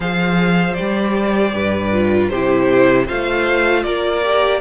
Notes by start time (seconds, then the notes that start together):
0.00 F3 G#4 C5 F5
0.74 G3 G4 D5
1.53 G2 B4
1.92 F4
2.29 C3 E4 G4 C5
3.06 A3 F4 C5 F5
3.83 A#3 A#4 D5
4.23 G4